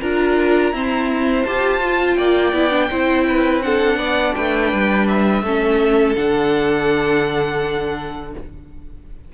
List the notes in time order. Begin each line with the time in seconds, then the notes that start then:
0.00 D4 F4 A#4 A#5
0.72 C4 E4 C5
1.44 F4 G4 A5
1.82 F4
2.14 A#3 D5 G5
2.52 B3 E4
2.70 D4
2.89 C4 E4 C5
3.28 B4
3.62 D4 A4 F#5
3.96 B3 D5
4.34 A3 B4 G5
4.72 G3
5.08 E5
5.42 A3 C#4 A4
6.15 D3 D4 F#5